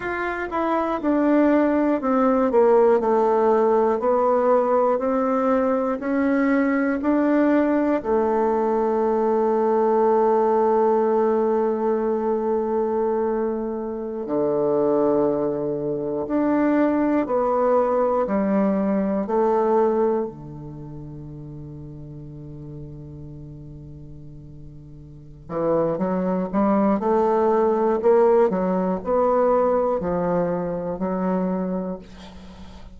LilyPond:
\new Staff \with { instrumentName = "bassoon" } { \time 4/4 \tempo 4 = 60 f'8 e'8 d'4 c'8 ais8 a4 | b4 c'4 cis'4 d'4 | a1~ | a2~ a16 d4.~ d16~ |
d16 d'4 b4 g4 a8.~ | a16 d2.~ d8.~ | d4. e8 fis8 g8 a4 | ais8 fis8 b4 f4 fis4 | }